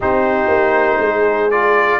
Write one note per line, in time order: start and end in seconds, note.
0.00 0.47 C4
0.00 1.50 D#4
0.00 0.99 G4
0.00 1.50 C5
0.47 0.97 A#3
0.99 1.99 G#3
0.99 1.99 G#4
1.50 1.99 F4
1.50 1.99 D5